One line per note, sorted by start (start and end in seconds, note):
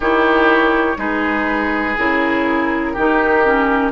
0.00 0.95 D#3
0.00 0.97 E4
0.00 0.97 G4
0.00 0.99 C#5
0.97 1.96 G#3
0.97 1.95 D#4
0.97 2.93 G#4
0.97 1.97 B4
1.98 2.96 C#3
1.98 2.96 E4
1.98 3.91 A#4
2.93 3.91 D#3
2.93 3.44 D#4
2.93 3.91 G4
3.44 3.91 C#4